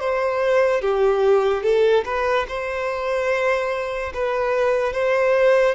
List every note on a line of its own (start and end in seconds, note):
0.00 0.81 C5
0.81 1.63 G4
1.63 2.04 A4
2.05 2.46 B4
2.48 4.13 C5
4.14 4.93 B4
4.93 5.75 C5